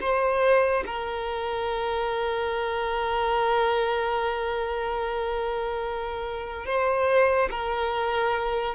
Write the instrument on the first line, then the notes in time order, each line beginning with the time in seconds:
violin
0.00 C5
0.86 A#4
6.65 C5
7.50 A#4